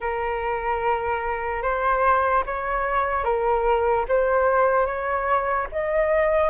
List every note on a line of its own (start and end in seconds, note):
0.00 1.62 A#4
1.62 2.43 C5
2.45 3.24 C#5
3.24 4.05 A#4
4.08 4.86 C5
4.86 5.67 C#5
5.72 6.49 D#5